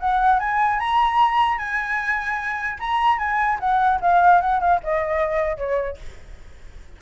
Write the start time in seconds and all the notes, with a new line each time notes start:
0.00 F#5
0.40 G#5
0.80 A#5
1.58 G#5
2.80 A#5
3.19 G#5
3.60 F#5
4.01 F5
4.41 F#5
4.60 F5
4.84 D#5
5.57 C#5